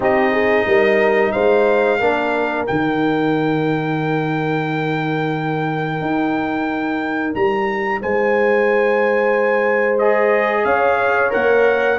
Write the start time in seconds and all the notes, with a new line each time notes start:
0.00 C4 D#4 G4 D#5
0.31 G#4
0.65 G3 A#4
1.31 G#3 C5 F5
1.99 A#3 D4 A#4
2.66 D#3 D#4 G5
6.00 D#4
7.34 G3 A#5
8.01 G#3 C5 G#5
9.98 G#4 D#5
10.64 C#4 C#5 F5
11.30 A#3 A#4 F#5